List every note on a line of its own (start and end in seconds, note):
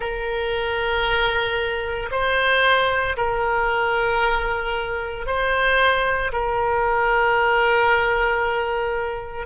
0.00 2.09 A#4
2.11 3.16 C5
3.16 5.26 A#4
5.26 6.32 C5
6.32 9.46 A#4